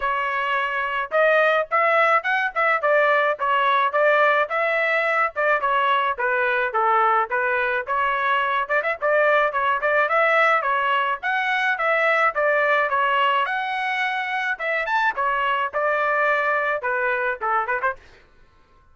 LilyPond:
\new Staff \with { instrumentName = "trumpet" } { \time 4/4 \tempo 4 = 107 cis''2 dis''4 e''4 | fis''8 e''8 d''4 cis''4 d''4 | e''4. d''8 cis''4 b'4 | a'4 b'4 cis''4. d''16 e''16 |
d''4 cis''8 d''8 e''4 cis''4 | fis''4 e''4 d''4 cis''4 | fis''2 e''8 a''8 cis''4 | d''2 b'4 a'8 b'16 c''16 | }